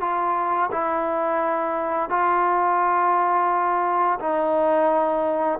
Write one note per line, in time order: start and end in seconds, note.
0.00 0.70 F4
0.71 2.09 E4
2.09 4.19 F4
4.19 5.59 D#4